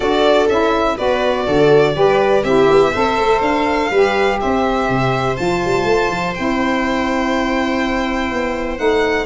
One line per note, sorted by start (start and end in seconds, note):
0.00 0.48 D4
0.00 0.48 F#4
0.00 0.95 A4
0.00 0.47 D5
0.48 0.97 C#4
0.48 0.97 E4
0.48 0.97 E5
0.97 1.47 B3
0.97 1.93 F#4
0.97 1.46 B4
0.97 2.43 D5
1.46 1.95 D3
1.46 1.95 A4
1.93 2.43 G3
1.93 2.42 G4
1.93 2.43 B4
2.43 2.67 C4
2.43 2.93 E4
2.43 2.91 G4
2.43 3.41 E5
2.70 2.94 B3
2.91 3.18 C4
2.91 3.91 A4
2.91 3.89 C5
3.18 3.40 A3
3.40 3.89 D4
3.40 4.39 F5
3.90 4.39 G3
3.90 5.35 G4
3.90 4.39 B4
4.40 4.88 C4
4.40 9.26 C5
4.40 5.36 E5
4.88 5.37 C3
5.35 5.64 F3
5.35 6.33 F4
5.35 6.34 A5
5.64 5.84 G3
5.84 6.08 A3
6.09 6.34 F3
6.34 8.31 C4
6.34 8.77 E4
6.34 8.78 G5
8.31 8.79 B3
8.77 9.26 A3
8.77 9.25 D#4
8.77 9.26 F#5